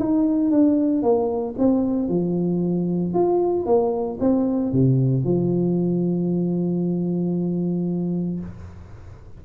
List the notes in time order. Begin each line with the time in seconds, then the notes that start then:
0.00 D#4
0.52 D4
1.03 A#3
1.59 C4
2.09 F3
3.14 F4
3.66 A#3
4.21 C4
4.73 C3
5.25 F3